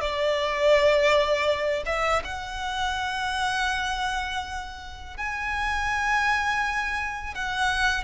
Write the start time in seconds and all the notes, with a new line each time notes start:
0.00 D5
1.86 E5
2.24 F#5
5.17 G#5
7.34 F#5